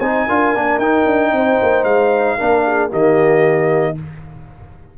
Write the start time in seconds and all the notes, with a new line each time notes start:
0.00 C4 D#4 C5 G#5
0.27 D4 F4 A#4
0.55 A#3 D4
0.78 D#4 G5
1.06 D4
1.32 C4 C5
1.63 A#3
1.84 G#3 F5
2.38 A#3 D4 A#4
2.66 G#4
2.90 D#3 A#3 G4 D#5